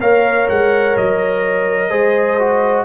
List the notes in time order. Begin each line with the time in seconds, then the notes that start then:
0.00 A#3 A#4 C#5 F5
0.49 G#3 F#5
0.97 F#3 D#5
1.90 G#3 G#4 C5
2.39 F#4